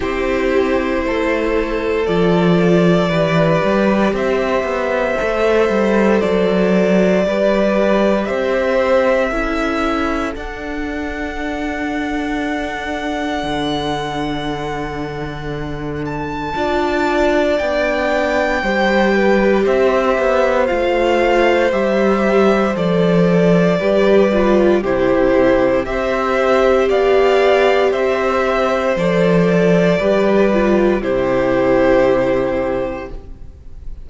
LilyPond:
<<
  \new Staff \with { instrumentName = "violin" } { \time 4/4 \tempo 4 = 58 c''2 d''2 | e''2 d''2 | e''2 fis''2~ | fis''2.~ fis''8 a''8~ |
a''4 g''2 e''4 | f''4 e''4 d''2 | c''4 e''4 f''4 e''4 | d''2 c''2 | }
  \new Staff \with { instrumentName = "violin" } { \time 4/4 g'4 a'2 b'4 | c''2. b'4 | c''4 a'2.~ | a'1 |
d''2 c''8 b'8 c''4~ | c''2. b'4 | g'4 c''4 d''4 c''4~ | c''4 b'4 g'2 | }
  \new Staff \with { instrumentName = "viola" } { \time 4/4 e'2 f'4 g'4~ | g'4 a'2 g'4~ | g'4 e'4 d'2~ | d'1 |
f'4 d'4 g'2 | f'4 g'4 a'4 g'8 f'8 | e'4 g'2. | a'4 g'8 f'8 e'2 | }
  \new Staff \with { instrumentName = "cello" } { \time 4/4 c'4 a4 f4 e8 g8 | c'8 b8 a8 g8 fis4 g4 | c'4 cis'4 d'2~ | d'4 d2. |
d'4 b4 g4 c'8 b8 | a4 g4 f4 g4 | c4 c'4 b4 c'4 | f4 g4 c2 | }
>>